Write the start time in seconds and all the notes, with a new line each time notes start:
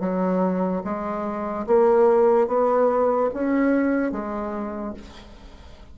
0.00 F#3
0.84 G#3
1.67 A#3
2.47 B3
3.34 C#4
4.12 G#3